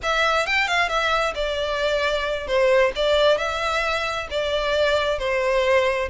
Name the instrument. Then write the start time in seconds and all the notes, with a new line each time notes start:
violin
0.02 E5
0.46 G5
0.67 F5
0.88 E5
1.34 D5
2.47 C5
2.95 D5
3.37 E5
4.30 D5
5.18 C5